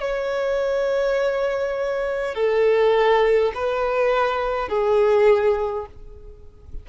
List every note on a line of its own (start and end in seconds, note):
0.00 2.34 C#5
2.34 3.52 A4
3.54 4.68 B4
4.68 5.86 G#4